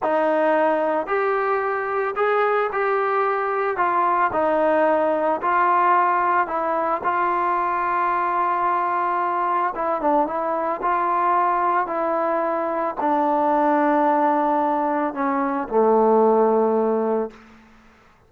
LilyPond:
\new Staff \with { instrumentName = "trombone" } { \time 4/4 \tempo 4 = 111 dis'2 g'2 | gis'4 g'2 f'4 | dis'2 f'2 | e'4 f'2.~ |
f'2 e'8 d'8 e'4 | f'2 e'2 | d'1 | cis'4 a2. | }